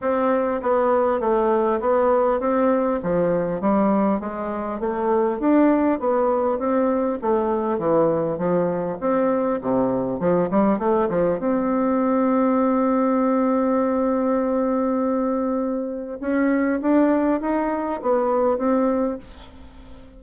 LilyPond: \new Staff \with { instrumentName = "bassoon" } { \time 4/4 \tempo 4 = 100 c'4 b4 a4 b4 | c'4 f4 g4 gis4 | a4 d'4 b4 c'4 | a4 e4 f4 c'4 |
c4 f8 g8 a8 f8 c'4~ | c'1~ | c'2. cis'4 | d'4 dis'4 b4 c'4 | }